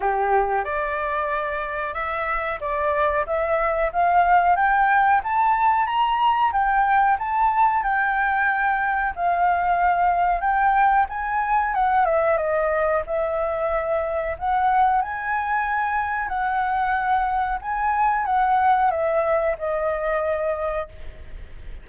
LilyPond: \new Staff \with { instrumentName = "flute" } { \time 4/4 \tempo 4 = 92 g'4 d''2 e''4 | d''4 e''4 f''4 g''4 | a''4 ais''4 g''4 a''4 | g''2 f''2 |
g''4 gis''4 fis''8 e''8 dis''4 | e''2 fis''4 gis''4~ | gis''4 fis''2 gis''4 | fis''4 e''4 dis''2 | }